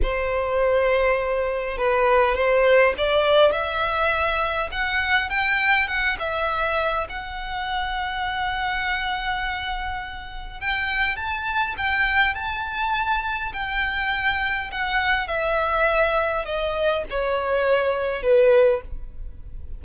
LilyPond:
\new Staff \with { instrumentName = "violin" } { \time 4/4 \tempo 4 = 102 c''2. b'4 | c''4 d''4 e''2 | fis''4 g''4 fis''8 e''4. | fis''1~ |
fis''2 g''4 a''4 | g''4 a''2 g''4~ | g''4 fis''4 e''2 | dis''4 cis''2 b'4 | }